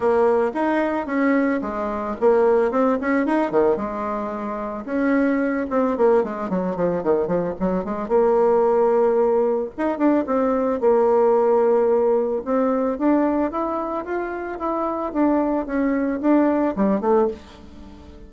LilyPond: \new Staff \with { instrumentName = "bassoon" } { \time 4/4 \tempo 4 = 111 ais4 dis'4 cis'4 gis4 | ais4 c'8 cis'8 dis'8 dis8 gis4~ | gis4 cis'4. c'8 ais8 gis8 | fis8 f8 dis8 f8 fis8 gis8 ais4~ |
ais2 dis'8 d'8 c'4 | ais2. c'4 | d'4 e'4 f'4 e'4 | d'4 cis'4 d'4 g8 a8 | }